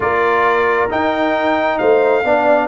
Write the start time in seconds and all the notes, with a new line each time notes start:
0.00 A#3 F4 A#4 D5
0.89 D#4 G5
1.78 A3 C5 F5
2.24 B3 D4 D5